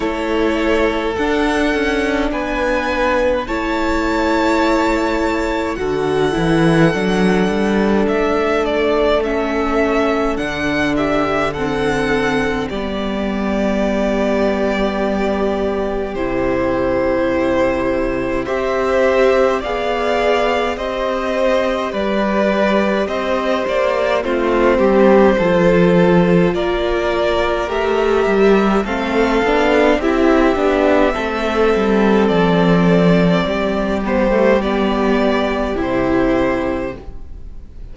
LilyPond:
<<
  \new Staff \with { instrumentName = "violin" } { \time 4/4 \tempo 4 = 52 cis''4 fis''4 gis''4 a''4~ | a''4 fis''2 e''8 d''8 | e''4 fis''8 e''8 fis''4 d''4~ | d''2 c''2 |
e''4 f''4 dis''4 d''4 | dis''8 d''8 c''2 d''4 | e''4 f''4 e''2 | d''4. c''8 d''4 c''4 | }
  \new Staff \with { instrumentName = "violin" } { \time 4/4 a'2 b'4 cis''4~ | cis''4 a'2.~ | a'4. g'8 a'4 g'4~ | g'1 |
c''4 d''4 c''4 b'4 | c''4 f'8 g'8 a'4 ais'4~ | ais'4 a'4 g'4 a'4~ | a'4 g'2. | }
  \new Staff \with { instrumentName = "viola" } { \time 4/4 e'4 d'2 e'4~ | e'4 fis'8 e'8 d'2 | cis'4 d'4 c'4 b4~ | b2 e'2 |
g'4 gis'4 g'2~ | g'4 c'4 f'2 | g'4 c'8 d'8 e'8 d'8 c'4~ | c'4. b16 a16 b4 e'4 | }
  \new Staff \with { instrumentName = "cello" } { \time 4/4 a4 d'8 cis'8 b4 a4~ | a4 d8 e8 fis8 g8 a4~ | a4 d2 g4~ | g2 c2 |
c'4 b4 c'4 g4 | c'8 ais8 a8 g8 f4 ais4 | a8 g8 a8 b8 c'8 b8 a8 g8 | f4 g2 c4 | }
>>